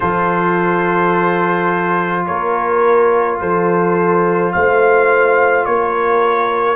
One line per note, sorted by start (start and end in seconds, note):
0.00 2.28 F3
0.00 6.76 F4
0.00 2.24 A4
0.00 2.25 C5
2.26 3.41 A#3
2.26 3.40 A#4
2.26 3.39 C#5
3.40 4.54 F3
3.40 4.53 A4
3.40 4.52 C5
4.52 5.66 A3
4.52 5.67 C5
4.52 5.65 F5
5.65 6.76 A#3
5.65 6.76 A#4
5.65 6.76 C#5